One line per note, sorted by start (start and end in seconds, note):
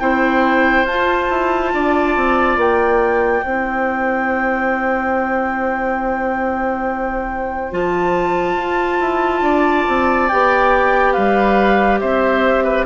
0.00 0.84 C4
0.00 0.86 E4
0.00 1.73 C5
0.00 0.86 G5
0.84 1.27 F4
0.84 3.44 F4
0.84 2.58 A5
1.30 1.73 E4
1.73 2.16 D4
1.73 3.45 D5
2.16 2.57 C4
2.57 3.42 A#3
2.57 7.74 G5
3.44 7.72 C4
3.44 7.72 E4
3.44 9.44 C5
7.72 8.56 F3
7.72 10.29 F4
7.72 10.28 A5
8.56 8.99 F4
9.00 9.42 E4
9.42 9.85 D4
9.42 11.14 D5
9.88 10.31 C4
10.28 11.17 B3
10.28 12.87 G4
10.28 11.13 G5
11.13 12.02 G3
11.13 12.00 B4
11.13 11.99 F5
12.00 12.87 C4
12.00 12.64 C5
12.00 12.86 E5
12.64 12.86 B4